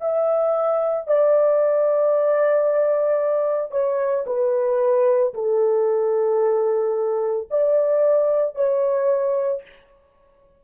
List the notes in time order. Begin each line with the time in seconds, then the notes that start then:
0.00 E5
1.07 D5
3.71 C#5
4.26 B4
5.34 A4
7.50 D5
8.55 C#5